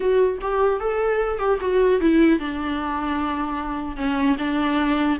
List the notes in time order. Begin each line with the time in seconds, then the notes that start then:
0.00 F#4
0.41 G4
0.80 A4
1.39 G4
1.60 F#4
2.00 E4
2.39 D4
3.96 C#4
4.38 D4